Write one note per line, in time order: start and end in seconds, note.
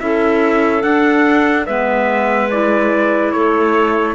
0.00 0.84 C#4
0.00 0.82 E4
0.00 1.66 A4
0.00 0.82 E5
0.82 1.66 D4
0.82 1.67 D4
0.82 1.66 F#5
1.66 3.34 G#3
1.66 2.51 B3
1.66 3.33 B4
1.66 2.50 E5
2.51 4.15 E4
2.51 3.32 D5
3.32 4.15 A3
3.32 4.15 A4
3.32 4.15 C#5